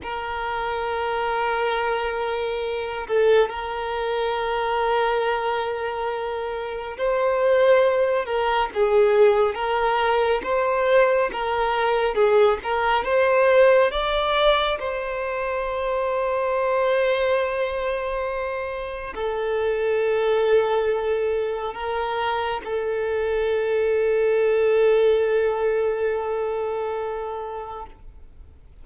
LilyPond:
\new Staff \with { instrumentName = "violin" } { \time 4/4 \tempo 4 = 69 ais'2.~ ais'8 a'8 | ais'1 | c''4. ais'8 gis'4 ais'4 | c''4 ais'4 gis'8 ais'8 c''4 |
d''4 c''2.~ | c''2 a'2~ | a'4 ais'4 a'2~ | a'1 | }